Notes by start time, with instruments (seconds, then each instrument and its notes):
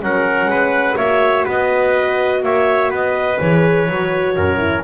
0.00 double bass F#3, horn C#4, trumpet A#4, clarinet F#5
0.45 double bass G#3, trumpet B4
0.97 double bass A#3, horn F#4, trumpet C#5, clarinet E5
1.44 double bass B3, trumpet B4, clarinet D#5
2.43 double bass A#3, trumpet C#5, clarinet E5
2.90 double bass B3, trumpet B4, clarinet D#5
3.39 double bass E3, horn G#4, clarinet C#5
3.88 double bass F#3, horn F#4
4.36 double bass F#2, trumpet A#4
4.57 horn E4